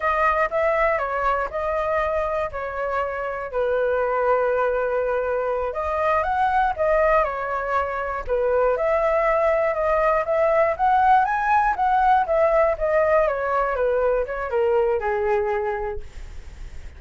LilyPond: \new Staff \with { instrumentName = "flute" } { \time 4/4 \tempo 4 = 120 dis''4 e''4 cis''4 dis''4~ | dis''4 cis''2 b'4~ | b'2.~ b'8 dis''8~ | dis''8 fis''4 dis''4 cis''4.~ |
cis''8 b'4 e''2 dis''8~ | dis''8 e''4 fis''4 gis''4 fis''8~ | fis''8 e''4 dis''4 cis''4 b'8~ | b'8 cis''8 ais'4 gis'2 | }